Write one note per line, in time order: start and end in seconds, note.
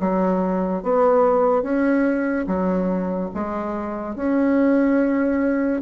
0.00 0.83 F#3
0.83 1.63 B3
1.63 2.46 C#4
2.47 3.31 F#3
3.34 4.16 G#3
4.16 5.82 C#4